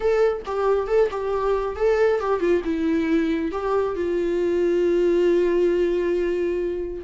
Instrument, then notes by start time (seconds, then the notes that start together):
viola
0.00 A4
0.45 G4
0.87 A4
1.10 G4
1.76 A4
2.19 G4
2.40 F4
2.64 E4
3.51 G4
3.95 F4